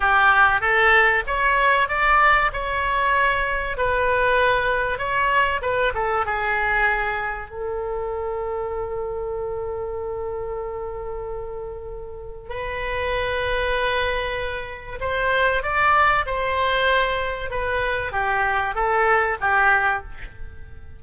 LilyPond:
\new Staff \with { instrumentName = "oboe" } { \time 4/4 \tempo 4 = 96 g'4 a'4 cis''4 d''4 | cis''2 b'2 | cis''4 b'8 a'8 gis'2 | a'1~ |
a'1 | b'1 | c''4 d''4 c''2 | b'4 g'4 a'4 g'4 | }